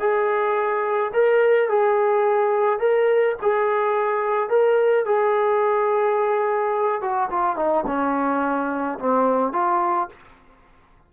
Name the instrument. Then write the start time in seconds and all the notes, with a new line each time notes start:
trombone
0.00 G#4
1.14 A#4
1.69 G#4
2.80 A#4
3.42 G#4
4.50 A#4
5.06 G#4
7.02 F#4
7.31 F4
7.56 D#4
7.87 C#4
8.99 C4
9.53 F4